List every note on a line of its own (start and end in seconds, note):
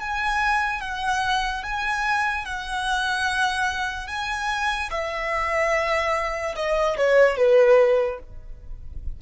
0.00 0.81 G#5
0.81 1.63 F#5
1.63 2.45 G#5
2.45 4.07 F#5
4.07 4.89 G#5
4.91 6.55 E5
6.56 6.97 D#5
6.97 7.37 C#5
7.37 8.19 B4